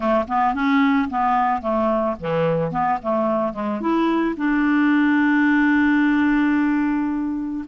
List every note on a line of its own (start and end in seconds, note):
0.00 0.25 A3
0.28 0.54 B3
0.54 1.09 C#4
1.09 1.61 B3
1.61 2.15 A3
2.19 2.71 E3
2.71 2.99 B3
3.01 3.53 A3
3.53 3.80 G#3
3.81 4.35 E4
4.37 7.64 D4